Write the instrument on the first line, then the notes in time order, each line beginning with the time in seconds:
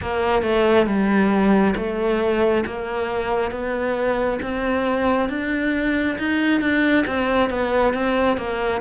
cello
0.01 A#3
0.42 A3
0.86 G3
1.76 A3
2.66 A#3
3.51 B3
4.42 C4
5.29 D4
6.18 D#4
6.60 D4
7.06 C4
7.49 B3
7.93 C4
8.37 A#3